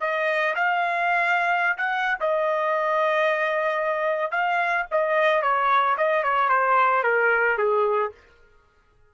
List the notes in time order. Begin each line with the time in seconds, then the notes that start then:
0.00 D#5
0.55 F5
1.77 F#5
2.20 D#5
4.31 F5
4.91 D#5
5.42 C#5
5.97 D#5
6.23 C#5
6.49 C5
7.03 A#4
7.57 G#4